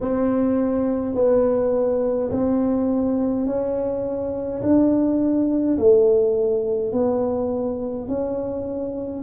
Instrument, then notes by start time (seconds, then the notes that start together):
tuba
0.01 C4
1.14 B3
2.31 C4
3.46 C#4
4.62 D4
5.77 A3
6.92 B3
8.08 C#4